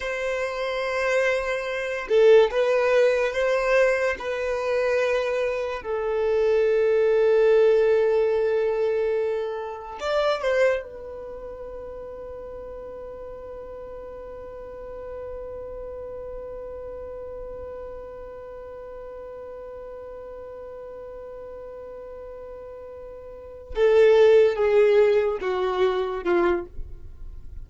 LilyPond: \new Staff \with { instrumentName = "violin" } { \time 4/4 \tempo 4 = 72 c''2~ c''8 a'8 b'4 | c''4 b'2 a'4~ | a'1 | d''8 c''8 b'2.~ |
b'1~ | b'1~ | b'1~ | b'8 a'4 gis'4 fis'4 f'8 | }